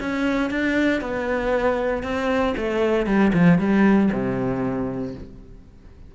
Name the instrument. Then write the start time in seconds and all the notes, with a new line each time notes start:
cello
0.00 C#4
0.50 D4
1.01 B3
2.03 C4
2.57 A3
3.07 G3
3.34 F3
3.59 G3
4.13 C3